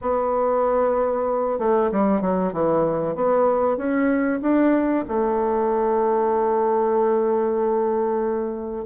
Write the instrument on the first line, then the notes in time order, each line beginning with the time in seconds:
bassoon
0.01 B3
1.58 A3
1.91 G3
2.21 F#3
2.52 E3
3.15 B3
3.77 C#4
4.41 D4
5.08 A3